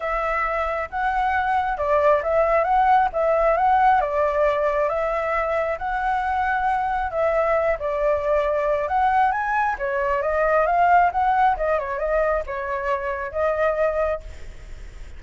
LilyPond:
\new Staff \with { instrumentName = "flute" } { \time 4/4 \tempo 4 = 135 e''2 fis''2 | d''4 e''4 fis''4 e''4 | fis''4 d''2 e''4~ | e''4 fis''2. |
e''4. d''2~ d''8 | fis''4 gis''4 cis''4 dis''4 | f''4 fis''4 dis''8 cis''8 dis''4 | cis''2 dis''2 | }